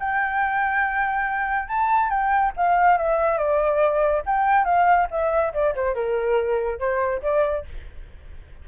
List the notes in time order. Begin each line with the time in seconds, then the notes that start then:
0.00 G5
1.68 A5
2.10 G5
2.56 F5
2.97 E5
3.38 D5
4.26 G5
4.65 F5
5.11 E5
5.54 D5
5.75 C5
5.95 A#4
6.79 C5
7.22 D5